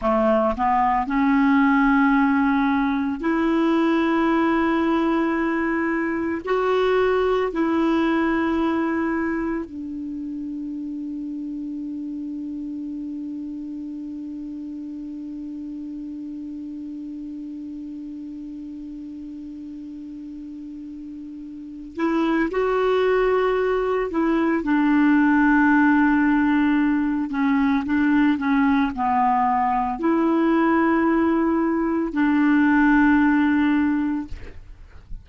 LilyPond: \new Staff \with { instrumentName = "clarinet" } { \time 4/4 \tempo 4 = 56 a8 b8 cis'2 e'4~ | e'2 fis'4 e'4~ | e'4 d'2.~ | d'1~ |
d'1~ | d'8 e'8 fis'4. e'8 d'4~ | d'4. cis'8 d'8 cis'8 b4 | e'2 d'2 | }